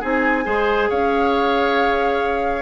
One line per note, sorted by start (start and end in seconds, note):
0.00 0.45 C4
0.00 0.44 D#4
0.00 0.44 G#4
0.00 0.90 G#5
0.44 0.90 G#3
0.44 2.62 G#4
0.44 0.89 C5
0.89 2.62 C#4
0.89 2.62 C#5
0.89 2.62 F5